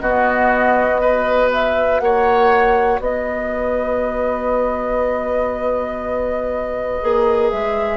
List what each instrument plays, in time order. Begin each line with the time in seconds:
0.00 bassoon B3, clarinet B3, oboe F#4, flute D#5
1.01 clarinet F#4, oboe B4
1.53 flute E5
2.00 bassoon A#3, oboe C#5, flute F#5
2.99 bassoon B3, oboe B4, flute D#5
7.02 bassoon A#3, clarinet G#4
7.50 bassoon G#3, flute E5